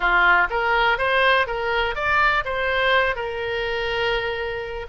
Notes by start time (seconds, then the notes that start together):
0.00 F4
0.50 A#4
0.98 C5
1.47 A#4
1.95 D5
2.44 C5
3.15 A#4